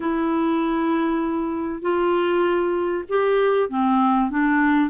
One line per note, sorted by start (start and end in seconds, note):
0.00 1.81 E4
1.81 3.04 F4
3.09 3.69 G4
3.69 4.30 C4
4.30 4.90 D4